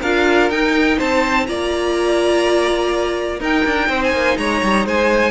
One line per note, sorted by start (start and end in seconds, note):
0.00 0.50 D4
0.00 0.51 F4
0.00 0.97 A#4
0.00 0.50 F5
0.50 0.98 D#4
0.50 1.47 D#4
0.50 0.98 G5
0.97 1.48 C4
0.97 1.45 C5
0.97 1.46 A5
1.46 3.40 A#3
1.46 3.39 F4
1.46 3.39 D5
1.46 3.39 A#5
3.39 5.31 D#4
3.39 3.64 D#4
3.39 3.88 A#4
3.39 4.03 G5
3.65 3.88 D4
3.88 4.13 C4
3.88 4.37 C5
4.03 4.37 G#5
4.13 4.37 A#3
4.37 4.61 G#3
4.37 4.86 C#5
4.37 4.85 A#5
4.62 4.85 G3
4.85 5.31 G#3
4.85 5.31 C5
4.85 5.31 G#5